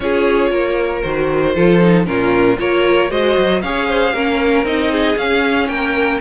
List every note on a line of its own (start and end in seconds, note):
0.00 0.51 C#4
0.00 1.03 F4
0.00 0.50 G#4
0.00 1.02 C#5
0.50 1.02 A#3
0.50 1.54 A#4
1.02 1.56 D#3
1.02 1.54 F#4
1.02 2.05 C5
1.54 2.06 F3
1.54 1.80 F4
1.54 2.06 A4
1.80 2.05 D#4
2.05 2.58 A#2
2.05 2.57 C#4
2.05 2.59 F4
2.05 2.58 A#4
2.58 3.11 A#3
2.58 3.09 F4
2.58 3.10 A#4
2.58 3.11 C#5
3.09 3.37 G#3
3.09 3.61 F#4
3.09 3.62 C5
3.09 3.61 D#5
3.37 3.62 F#3
3.61 4.13 C#4
3.61 4.14 G#4
3.61 3.88 C#5
3.61 4.65 F5
3.88 4.13 C5
4.13 4.63 A#3
4.13 4.64 C#4
4.13 4.91 A#4
4.63 5.15 C4
4.63 5.16 D#4
4.63 5.17 D#5
4.91 5.68 G#4
5.16 5.68 C#4
5.16 6.20 C#4
5.16 5.68 F5
5.68 6.20 A#3
5.68 6.20 A#4
5.68 6.20 G5